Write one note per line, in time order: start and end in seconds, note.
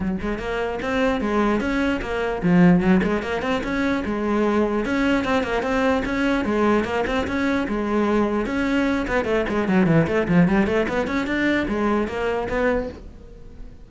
0.00 0.17 F#3
0.21 0.38 G#3
0.38 0.79 A#3
0.82 1.20 C4
1.20 1.60 G#3
1.60 2.00 C#4
2.01 2.41 A#3
2.42 2.80 F3
2.80 3.00 F#3
3.03 3.22 G#3
3.22 3.42 A#3
3.42 3.62 C4
3.63 4.03 C#4
4.05 4.85 G#3
4.85 5.24 C#4
5.24 5.43 C4
5.43 5.62 A#3
5.62 6.02 C4
6.05 6.44 C#4
6.44 6.84 G#3
6.84 7.04 A#3
7.06 7.26 C4
7.27 7.67 C#4
7.68 8.46 G#3
8.46 9.06 C#4
9.07 9.25 B3
9.25 9.45 A3
9.48 9.68 G#3
9.68 9.86 F#3
9.86 10.06 E3
10.07 10.27 A3
10.27 10.48 F3
10.48 10.66 G3
10.66 10.87 A3
10.88 11.07 B3
11.07 11.26 C#4
11.26 11.66 D4
11.68 12.07 G#3
12.07 12.48 A#3
12.48 12.89 B3